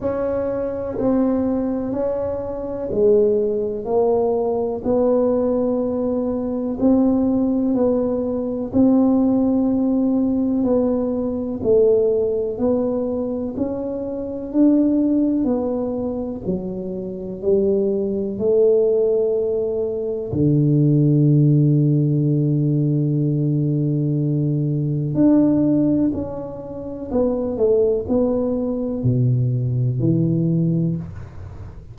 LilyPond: \new Staff \with { instrumentName = "tuba" } { \time 4/4 \tempo 4 = 62 cis'4 c'4 cis'4 gis4 | ais4 b2 c'4 | b4 c'2 b4 | a4 b4 cis'4 d'4 |
b4 fis4 g4 a4~ | a4 d2.~ | d2 d'4 cis'4 | b8 a8 b4 b,4 e4 | }